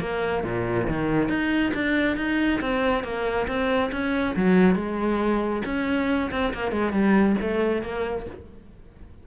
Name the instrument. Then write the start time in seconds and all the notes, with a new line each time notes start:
cello
0.00 A#3
0.43 A#2
0.88 D#3
1.29 D#4
1.74 D4
2.17 D#4
2.61 C4
3.03 A#3
3.47 C4
3.92 C#4
4.36 F#3
4.75 G#3
5.65 C#4
6.31 C4
6.53 A#3
6.71 G#3
6.92 G3
7.41 A3
7.82 A#3